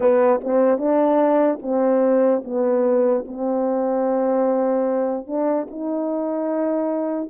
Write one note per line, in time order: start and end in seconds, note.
0.00 0.40 B3
0.43 0.77 C4
0.77 1.58 D4
1.62 2.43 C4
2.44 3.25 B3
3.27 5.26 C4
5.26 5.67 D4
5.70 7.29 D#4